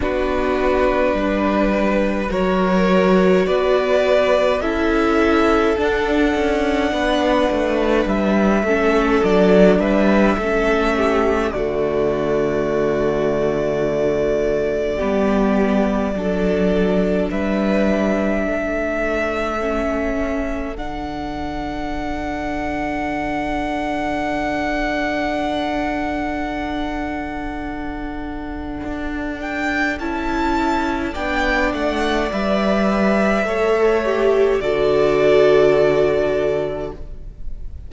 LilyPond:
<<
  \new Staff \with { instrumentName = "violin" } { \time 4/4 \tempo 4 = 52 b'2 cis''4 d''4 | e''4 fis''2 e''4 | d''8 e''4. d''2~ | d''2. e''4~ |
e''2 fis''2~ | fis''1~ | fis''4. g''8 a''4 g''8 fis''8 | e''2 d''2 | }
  \new Staff \with { instrumentName = "violin" } { \time 4/4 fis'4 b'4 ais'4 b'4 | a'2 b'4. a'8~ | a'8 b'8 a'8 g'8 fis'2~ | fis'4 g'4 a'4 b'4 |
a'1~ | a'1~ | a'2. d''4~ | d''4 cis''4 a'2 | }
  \new Staff \with { instrumentName = "viola" } { \time 4/4 d'2 fis'2 | e'4 d'2~ d'8 cis'8 | d'4 cis'4 a2~ | a4 b4 d'2~ |
d'4 cis'4 d'2~ | d'1~ | d'2 e'4 d'4 | b'4 a'8 g'8 fis'2 | }
  \new Staff \with { instrumentName = "cello" } { \time 4/4 b4 g4 fis4 b4 | cis'4 d'8 cis'8 b8 a8 g8 a8 | fis8 g8 a4 d2~ | d4 g4 fis4 g4 |
a2 d2~ | d1~ | d4 d'4 cis'4 b8 a8 | g4 a4 d2 | }
>>